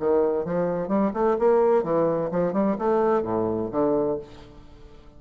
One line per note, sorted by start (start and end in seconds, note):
0.00 0.45 D#3
0.45 0.88 F3
0.88 1.12 G3
1.14 1.37 A3
1.39 1.83 A#3
1.83 2.30 E3
2.32 2.53 F3
2.53 2.77 G3
2.79 3.23 A3
3.23 3.70 A2
3.72 4.18 D3